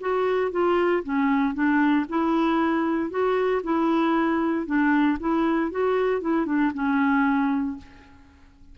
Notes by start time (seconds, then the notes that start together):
0.00 F#4
0.51 F4
1.03 C#4
1.54 D4
2.09 E4
3.10 F#4
3.63 E4
4.66 D4
5.20 E4
5.71 F#4
6.21 E4
6.46 D4
6.74 C#4